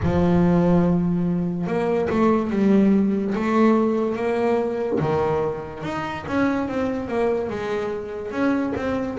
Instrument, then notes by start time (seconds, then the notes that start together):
double bass
0.02 F3
1.67 A#3
2.09 A3
2.50 G3
3.34 A3
4.16 A#3
5.00 D#3
5.83 D#4
6.27 C#4
6.67 C4
7.08 A#3
7.49 G#3
8.31 C#4
8.76 C4